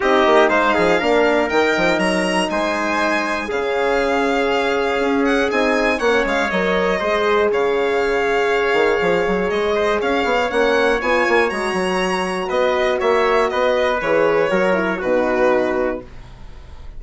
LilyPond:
<<
  \new Staff \with { instrumentName = "violin" } { \time 4/4 \tempo 4 = 120 dis''4 f''2 g''4 | ais''4 gis''2 f''4~ | f''2~ f''8 fis''8 gis''4 | fis''8 f''8 dis''2 f''4~ |
f''2. dis''4 | f''4 fis''4 gis''4 ais''4~ | ais''4 dis''4 e''4 dis''4 | cis''2 b'2 | }
  \new Staff \with { instrumentName = "trumpet" } { \time 4/4 g'4 c''8 gis'8 ais'2~ | ais'4 c''2 gis'4~ | gis'1 | cis''2 c''4 cis''4~ |
cis''2.~ cis''8 c''8 | cis''1~ | cis''4 b'4 cis''4 b'4~ | b'4 ais'4 fis'2 | }
  \new Staff \with { instrumentName = "horn" } { \time 4/4 dis'2 d'4 dis'4~ | dis'2. cis'4~ | cis'2. dis'4 | cis'4 ais'4 gis'2~ |
gis'1~ | gis'4 cis'4 f'4 fis'4~ | fis'1 | gis'4 fis'8 e'8 dis'2 | }
  \new Staff \with { instrumentName = "bassoon" } { \time 4/4 c'8 ais8 gis8 f8 ais4 dis8 f8 | fis4 gis2 cis4~ | cis2 cis'4 c'4 | ais8 gis8 fis4 gis4 cis4~ |
cis4. dis8 f8 fis8 gis4 | cis'8 b8 ais4 b8 ais8 gis8 fis8~ | fis4 b4 ais4 b4 | e4 fis4 b,2 | }
>>